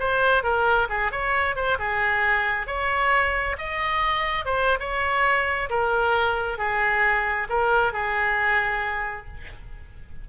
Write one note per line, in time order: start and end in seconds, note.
0.00 0.44 C5
0.44 0.89 A#4
0.90 1.12 G#4
1.12 1.56 C#5
1.56 1.78 C5
1.79 2.67 G#4
2.67 3.57 C#5
3.58 4.46 D#5
4.46 4.79 C5
4.80 5.69 C#5
5.70 6.59 A#4
6.59 7.48 G#4
7.50 7.93 A#4
7.93 9.27 G#4